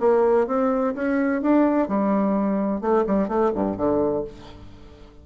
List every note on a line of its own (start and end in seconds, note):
0.00 0.47 A#3
0.47 0.94 C4
0.95 1.42 C#4
1.42 1.88 D4
1.88 2.81 G3
2.81 3.05 A3
3.07 3.28 G3
3.28 3.52 A3
3.55 3.77 G2
3.77 4.25 D3